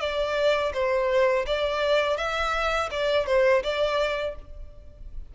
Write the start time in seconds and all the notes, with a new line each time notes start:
0.00 D5
0.74 C5
1.47 D5
2.17 E5
2.91 D5
3.27 C5
3.63 D5